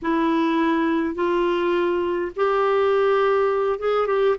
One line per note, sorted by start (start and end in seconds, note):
0.02 1.15 E4
1.15 2.31 F4
2.35 3.79 G4
3.79 4.06 G#4
4.06 4.36 G4